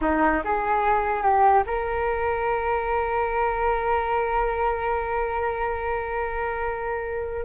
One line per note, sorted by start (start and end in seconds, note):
0.01 0.42 D#4
0.44 1.22 G#4
1.22 1.63 G4
1.66 7.45 A#4